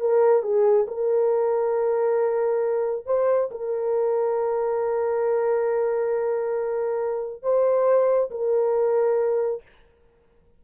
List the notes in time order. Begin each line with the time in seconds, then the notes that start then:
0.00 A#4
0.42 G#4
0.87 A#4
3.06 C5
3.51 A#4
7.42 C5
8.30 A#4